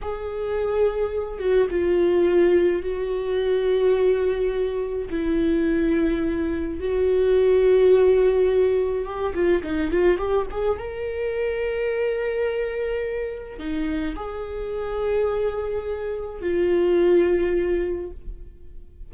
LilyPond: \new Staff \with { instrumentName = "viola" } { \time 4/4 \tempo 4 = 106 gis'2~ gis'8 fis'8 f'4~ | f'4 fis'2.~ | fis'4 e'2. | fis'1 |
g'8 f'8 dis'8 f'8 g'8 gis'8 ais'4~ | ais'1 | dis'4 gis'2.~ | gis'4 f'2. | }